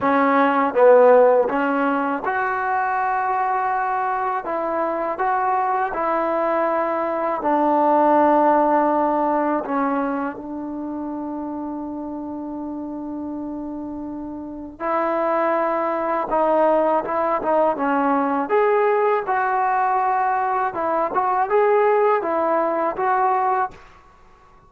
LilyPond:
\new Staff \with { instrumentName = "trombone" } { \time 4/4 \tempo 4 = 81 cis'4 b4 cis'4 fis'4~ | fis'2 e'4 fis'4 | e'2 d'2~ | d'4 cis'4 d'2~ |
d'1 | e'2 dis'4 e'8 dis'8 | cis'4 gis'4 fis'2 | e'8 fis'8 gis'4 e'4 fis'4 | }